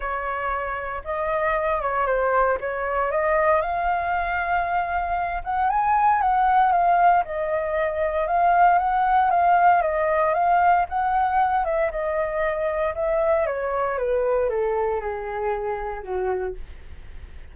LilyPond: \new Staff \with { instrumentName = "flute" } { \time 4/4 \tempo 4 = 116 cis''2 dis''4. cis''8 | c''4 cis''4 dis''4 f''4~ | f''2~ f''8 fis''8 gis''4 | fis''4 f''4 dis''2 |
f''4 fis''4 f''4 dis''4 | f''4 fis''4. e''8 dis''4~ | dis''4 e''4 cis''4 b'4 | a'4 gis'2 fis'4 | }